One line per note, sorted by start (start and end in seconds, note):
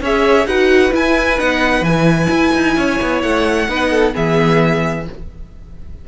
0.00 0.45 C#4
0.00 0.47 G#4
0.00 0.47 C#5
0.00 0.47 E5
0.45 0.91 D#4
0.45 0.91 F#4
0.45 2.76 B4
0.45 0.92 F#5
0.91 1.37 E4
0.91 1.39 E4
0.91 1.39 G#5
1.38 1.81 B3
1.38 1.84 D#4
1.38 1.84 F#5
1.81 2.27 E3
1.81 3.68 E4
1.81 3.21 G#5
2.29 2.52 E4
2.54 2.76 D#4
2.76 2.99 C#4
2.76 3.68 C#5
3.01 3.23 B3
3.22 3.68 A3
3.22 4.13 F#5
3.68 4.14 B3
3.68 4.12 D#4
3.68 3.90 B4
3.90 4.13 A4
4.12 5.08 E3
4.12 5.04 B3
4.12 5.05 G#4
4.12 5.07 E5